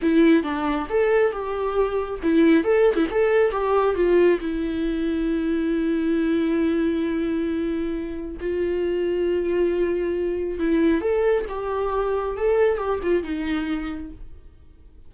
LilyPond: \new Staff \with { instrumentName = "viola" } { \time 4/4 \tempo 4 = 136 e'4 d'4 a'4 g'4~ | g'4 e'4 a'8. e'16 a'4 | g'4 f'4 e'2~ | e'1~ |
e'2. f'4~ | f'1 | e'4 a'4 g'2 | a'4 g'8 f'8 dis'2 | }